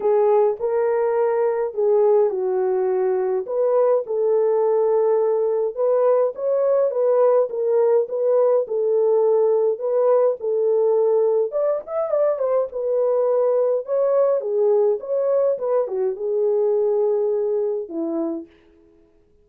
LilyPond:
\new Staff \with { instrumentName = "horn" } { \time 4/4 \tempo 4 = 104 gis'4 ais'2 gis'4 | fis'2 b'4 a'4~ | a'2 b'4 cis''4 | b'4 ais'4 b'4 a'4~ |
a'4 b'4 a'2 | d''8 e''8 d''8 c''8 b'2 | cis''4 gis'4 cis''4 b'8 fis'8 | gis'2. e'4 | }